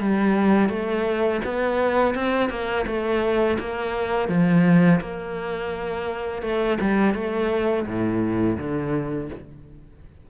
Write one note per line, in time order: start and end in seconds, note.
0.00 0.69 G3
0.69 1.41 A3
1.45 2.15 B3
2.15 2.50 C4
2.50 2.86 A#3
2.87 3.58 A3
3.60 4.29 A#3
4.29 5.01 F3
5.01 6.43 A#3
6.43 6.79 A3
6.81 7.15 G3
7.15 7.86 A3
7.87 8.58 A2
8.58 9.30 D3